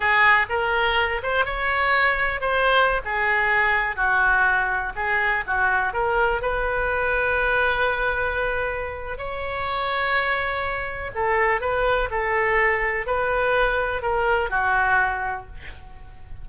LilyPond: \new Staff \with { instrumentName = "oboe" } { \time 4/4 \tempo 4 = 124 gis'4 ais'4. c''8 cis''4~ | cis''4 c''4~ c''16 gis'4.~ gis'16~ | gis'16 fis'2 gis'4 fis'8.~ | fis'16 ais'4 b'2~ b'8.~ |
b'2. cis''4~ | cis''2. a'4 | b'4 a'2 b'4~ | b'4 ais'4 fis'2 | }